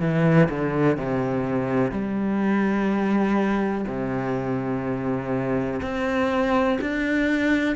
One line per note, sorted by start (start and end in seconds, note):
0.00 0.48 E3
0.49 0.97 D3
0.97 1.91 C3
1.91 3.85 G3
3.87 5.80 C3
5.82 6.78 C4
6.80 7.76 D4